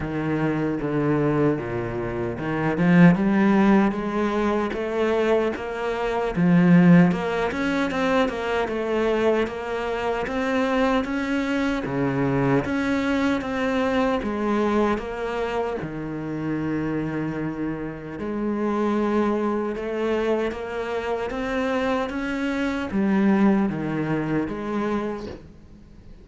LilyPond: \new Staff \with { instrumentName = "cello" } { \time 4/4 \tempo 4 = 76 dis4 d4 ais,4 dis8 f8 | g4 gis4 a4 ais4 | f4 ais8 cis'8 c'8 ais8 a4 | ais4 c'4 cis'4 cis4 |
cis'4 c'4 gis4 ais4 | dis2. gis4~ | gis4 a4 ais4 c'4 | cis'4 g4 dis4 gis4 | }